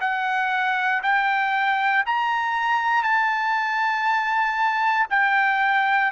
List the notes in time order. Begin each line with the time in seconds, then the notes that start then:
0.00 F#5
1.03 G5
2.06 A#5
3.03 A5
5.10 G5